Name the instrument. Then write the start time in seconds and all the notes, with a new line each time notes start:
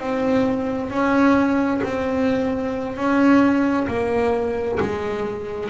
double bass
0.00 C4
0.90 C#4
1.84 C4
2.97 C#4
3.88 A#3
4.80 G#3